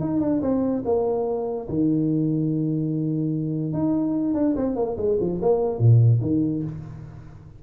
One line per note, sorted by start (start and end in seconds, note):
0.00 0.20 D#4
0.20 0.41 D4
0.42 0.83 C4
0.85 1.68 A#3
1.68 3.73 D#3
3.73 4.34 D#4
4.34 4.55 D4
4.56 4.76 C4
4.76 4.96 A#3
4.97 5.18 G#3
5.20 5.41 F3
5.42 5.79 A#3
5.79 6.20 A#2
6.21 6.63 D#3